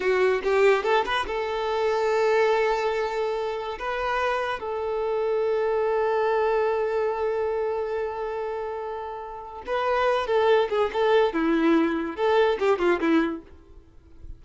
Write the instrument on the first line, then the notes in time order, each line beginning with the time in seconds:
violin
0.00 F#4
0.43 G4
0.83 A4
1.05 B4
1.26 A4
3.79 B4
4.59 A4
9.66 B4
10.26 A4
10.69 G#4
10.92 A4
11.33 E4
12.16 A4
12.59 G4
12.79 F4
13.00 E4